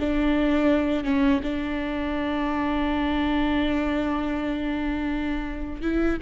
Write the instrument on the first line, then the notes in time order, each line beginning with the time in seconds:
viola
0.00 D4
1.04 C#4
1.43 D4
5.82 E4